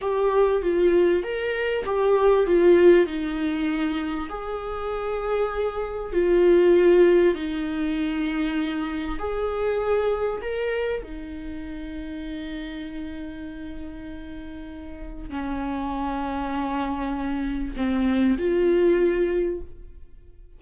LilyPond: \new Staff \with { instrumentName = "viola" } { \time 4/4 \tempo 4 = 98 g'4 f'4 ais'4 g'4 | f'4 dis'2 gis'4~ | gis'2 f'2 | dis'2. gis'4~ |
gis'4 ais'4 dis'2~ | dis'1~ | dis'4 cis'2.~ | cis'4 c'4 f'2 | }